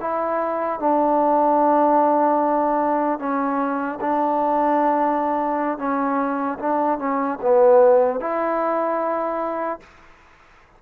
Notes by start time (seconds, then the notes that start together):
0.00 E4
0.79 D4
3.19 C#4
4.00 D4
5.78 C#4
6.59 D4
6.99 C#4
7.41 B3
8.20 E4